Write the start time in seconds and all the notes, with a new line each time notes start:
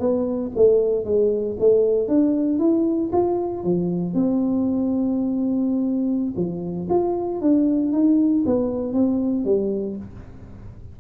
0.00 B3
0.56 A3
1.05 G#3
1.60 A3
2.08 D4
2.59 E4
3.12 F4
3.64 F3
4.14 C4
6.36 F3
6.90 F4
7.42 D4
7.93 D#4
8.46 B3
8.93 C4
9.45 G3